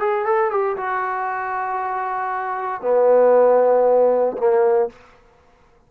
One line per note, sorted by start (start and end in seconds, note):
0.00 0.26 G#4
0.26 0.51 A4
0.51 0.77 G4
0.77 2.82 F#4
2.82 4.37 B3
4.38 4.90 A#3